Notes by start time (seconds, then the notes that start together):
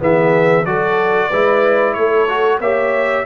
0.00 E3 B3 G#4 E5
0.66 F#3 F#4 A4 D5
1.30 G#3 E4 B4
1.94 A3 A4 C#5
2.28 F#4
2.60 A#3 G4 C#5 E5